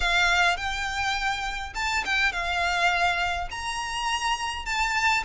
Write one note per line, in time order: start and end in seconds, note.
0.00 0.57 F5
0.57 1.73 G5
1.74 2.04 A5
2.05 2.32 G5
2.32 3.48 F5
3.51 4.65 A#5
4.65 5.23 A5